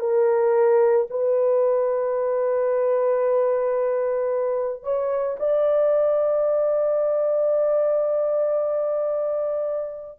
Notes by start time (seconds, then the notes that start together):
0.00 A#4
1.11 B4
4.84 C#5
5.40 D5